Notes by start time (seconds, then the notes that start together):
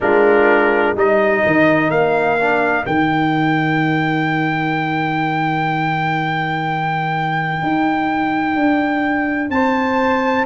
0.01 G#3 D4 F4 A#4
0.95 G3 D#4 A#4 D#5
1.46 D#3
1.90 A#3 F5
2.39 D4
2.85 D#3 D#4 G5
7.62 D#4
8.55 D4
9.49 C4 C5 A5